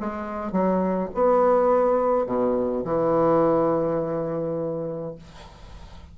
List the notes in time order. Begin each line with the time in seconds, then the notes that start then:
0.00 G#3
0.52 F#3
1.14 B3
2.26 B2
2.85 E3